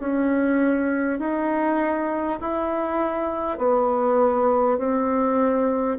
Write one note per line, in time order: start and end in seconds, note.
0.00 1.19 C#4
1.19 2.39 D#4
2.41 3.58 E4
3.58 4.78 B3
4.79 5.99 C4